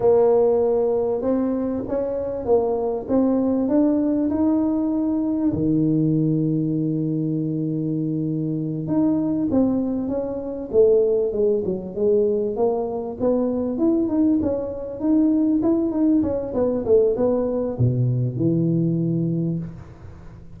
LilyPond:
\new Staff \with { instrumentName = "tuba" } { \time 4/4 \tempo 4 = 98 ais2 c'4 cis'4 | ais4 c'4 d'4 dis'4~ | dis'4 dis2.~ | dis2~ dis8 dis'4 c'8~ |
c'8 cis'4 a4 gis8 fis8 gis8~ | gis8 ais4 b4 e'8 dis'8 cis'8~ | cis'8 dis'4 e'8 dis'8 cis'8 b8 a8 | b4 b,4 e2 | }